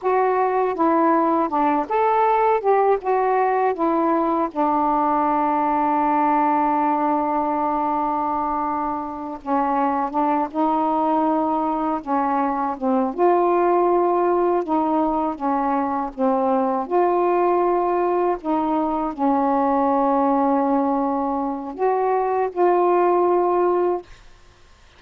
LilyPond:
\new Staff \with { instrumentName = "saxophone" } { \time 4/4 \tempo 4 = 80 fis'4 e'4 d'8 a'4 g'8 | fis'4 e'4 d'2~ | d'1~ | d'8 cis'4 d'8 dis'2 |
cis'4 c'8 f'2 dis'8~ | dis'8 cis'4 c'4 f'4.~ | f'8 dis'4 cis'2~ cis'8~ | cis'4 fis'4 f'2 | }